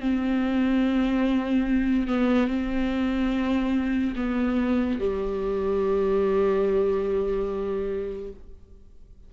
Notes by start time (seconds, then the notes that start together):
0.00 C4
2.07 B3
2.47 C4
4.16 B3
4.99 G3